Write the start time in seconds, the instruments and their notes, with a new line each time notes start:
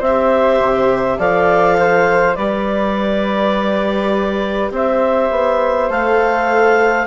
0.00 bassoon C4, flute C5, clarinet E5
0.06 viola G4
0.62 bassoon C3
1.18 bassoon F3, viola A4, flute D5, clarinet F5
1.79 flute C5
2.36 bassoon G3, viola G4, flute B4, clarinet D5
4.71 bassoon C4, flute C5, clarinet E5
5.31 bassoon B3
5.90 bassoon A3, viola A4, clarinet F5